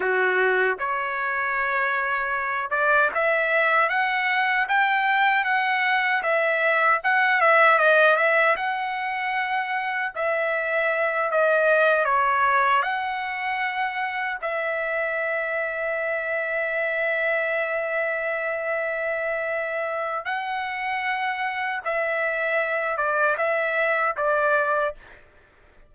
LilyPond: \new Staff \with { instrumentName = "trumpet" } { \time 4/4 \tempo 4 = 77 fis'4 cis''2~ cis''8 d''8 | e''4 fis''4 g''4 fis''4 | e''4 fis''8 e''8 dis''8 e''8 fis''4~ | fis''4 e''4. dis''4 cis''8~ |
cis''8 fis''2 e''4.~ | e''1~ | e''2 fis''2 | e''4. d''8 e''4 d''4 | }